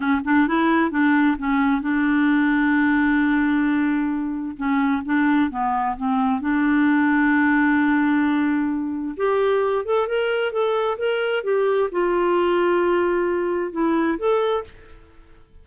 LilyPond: \new Staff \with { instrumentName = "clarinet" } { \time 4/4 \tempo 4 = 131 cis'8 d'8 e'4 d'4 cis'4 | d'1~ | d'2 cis'4 d'4 | b4 c'4 d'2~ |
d'1 | g'4. a'8 ais'4 a'4 | ais'4 g'4 f'2~ | f'2 e'4 a'4 | }